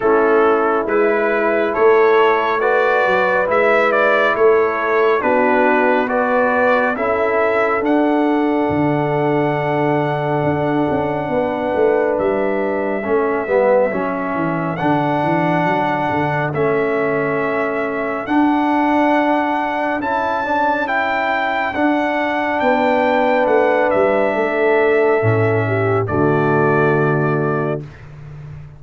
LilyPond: <<
  \new Staff \with { instrumentName = "trumpet" } { \time 4/4 \tempo 4 = 69 a'4 b'4 cis''4 d''4 | e''8 d''8 cis''4 b'4 d''4 | e''4 fis''2.~ | fis''2 e''2~ |
e''4 fis''2 e''4~ | e''4 fis''2 a''4 | g''4 fis''4 g''4 fis''8 e''8~ | e''2 d''2 | }
  \new Staff \with { instrumentName = "horn" } { \time 4/4 e'2 a'4 b'4~ | b'4 a'4 fis'4 b'4 | a'1~ | a'4 b'2 a'4~ |
a'1~ | a'1~ | a'2 b'2 | a'4. g'8 fis'2 | }
  \new Staff \with { instrumentName = "trombone" } { \time 4/4 cis'4 e'2 fis'4 | e'2 d'4 fis'4 | e'4 d'2.~ | d'2. cis'8 b8 |
cis'4 d'2 cis'4~ | cis'4 d'2 e'8 d'8 | e'4 d'2.~ | d'4 cis'4 a2 | }
  \new Staff \with { instrumentName = "tuba" } { \time 4/4 a4 gis4 a4. fis8 | gis4 a4 b2 | cis'4 d'4 d2 | d'8 cis'8 b8 a8 g4 a8 g8 |
fis8 e8 d8 e8 fis8 d8 a4~ | a4 d'2 cis'4~ | cis'4 d'4 b4 a8 g8 | a4 a,4 d2 | }
>>